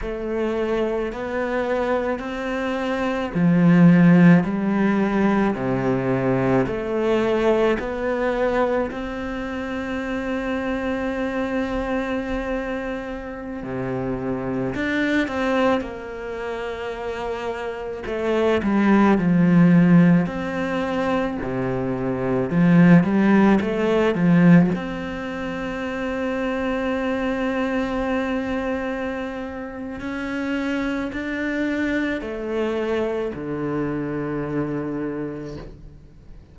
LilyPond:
\new Staff \with { instrumentName = "cello" } { \time 4/4 \tempo 4 = 54 a4 b4 c'4 f4 | g4 c4 a4 b4 | c'1~ | c'16 c4 d'8 c'8 ais4.~ ais16~ |
ais16 a8 g8 f4 c'4 c8.~ | c16 f8 g8 a8 f8 c'4.~ c'16~ | c'2. cis'4 | d'4 a4 d2 | }